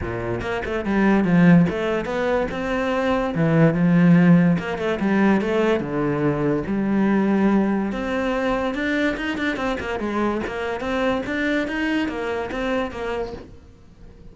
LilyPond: \new Staff \with { instrumentName = "cello" } { \time 4/4 \tempo 4 = 144 ais,4 ais8 a8 g4 f4 | a4 b4 c'2 | e4 f2 ais8 a8 | g4 a4 d2 |
g2. c'4~ | c'4 d'4 dis'8 d'8 c'8 ais8 | gis4 ais4 c'4 d'4 | dis'4 ais4 c'4 ais4 | }